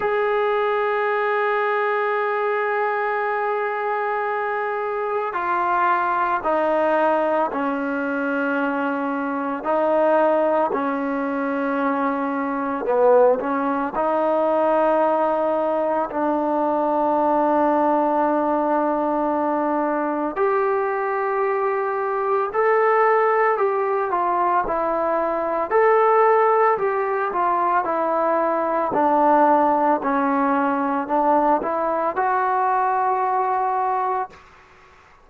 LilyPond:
\new Staff \with { instrumentName = "trombone" } { \time 4/4 \tempo 4 = 56 gis'1~ | gis'4 f'4 dis'4 cis'4~ | cis'4 dis'4 cis'2 | b8 cis'8 dis'2 d'4~ |
d'2. g'4~ | g'4 a'4 g'8 f'8 e'4 | a'4 g'8 f'8 e'4 d'4 | cis'4 d'8 e'8 fis'2 | }